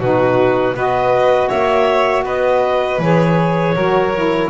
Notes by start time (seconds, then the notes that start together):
0.00 B2 D#4 F#4 B4
0.74 B3 F#4 B4 D#5
1.49 A#3 C#5 E5
2.24 B3 B4 D#5
2.99 E3 G#4 C#5
3.75 F#3 F#4 A#4
4.14 E4